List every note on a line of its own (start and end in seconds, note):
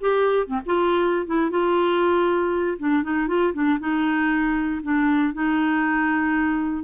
0.00 0.47 G4
0.47 0.60 C4
0.66 1.26 F4
1.26 1.50 E4
1.50 2.77 F4
2.79 3.03 D4
3.03 3.28 D#4
3.28 3.53 F4
3.53 3.79 D4
3.79 4.81 D#4
4.83 5.33 D4
5.33 6.83 D#4